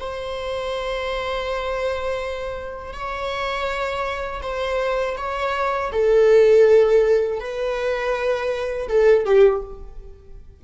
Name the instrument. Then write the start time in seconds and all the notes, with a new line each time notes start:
viola
0.00 C5
2.93 C#5
4.42 C5
5.17 C#5
5.92 A4
7.40 B4
8.88 A4
9.25 G4